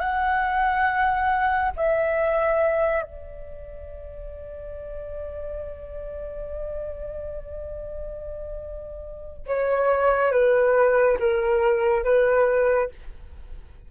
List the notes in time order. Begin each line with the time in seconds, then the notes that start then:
0.00 F#5
1.76 E5
3.02 D5
9.46 C#5
10.32 B4
11.20 A#4
12.04 B4